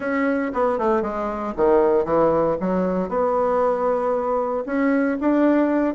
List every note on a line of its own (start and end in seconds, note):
0.00 0.52 C#4
0.53 0.78 B3
0.78 1.02 A3
1.02 1.53 G#3
1.56 2.05 D#3
2.05 2.56 E3
2.60 3.08 F#3
3.08 4.64 B3
4.66 5.17 C#4
5.20 5.94 D4